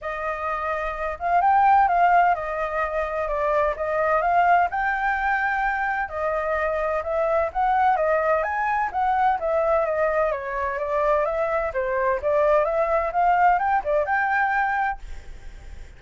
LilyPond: \new Staff \with { instrumentName = "flute" } { \time 4/4 \tempo 4 = 128 dis''2~ dis''8 f''8 g''4 | f''4 dis''2 d''4 | dis''4 f''4 g''2~ | g''4 dis''2 e''4 |
fis''4 dis''4 gis''4 fis''4 | e''4 dis''4 cis''4 d''4 | e''4 c''4 d''4 e''4 | f''4 g''8 d''8 g''2 | }